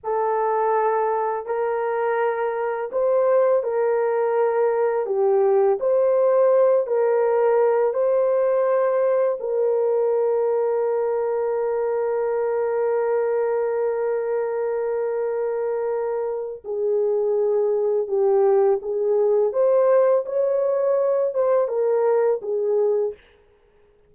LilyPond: \new Staff \with { instrumentName = "horn" } { \time 4/4 \tempo 4 = 83 a'2 ais'2 | c''4 ais'2 g'4 | c''4. ais'4. c''4~ | c''4 ais'2.~ |
ais'1~ | ais'2. gis'4~ | gis'4 g'4 gis'4 c''4 | cis''4. c''8 ais'4 gis'4 | }